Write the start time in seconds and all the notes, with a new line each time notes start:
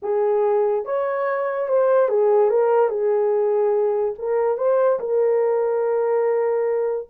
0.02 G#4
0.85 C#5
1.68 C5
2.08 G#4
2.50 A#4
2.89 G#4
4.18 A#4
4.57 C5
4.99 A#4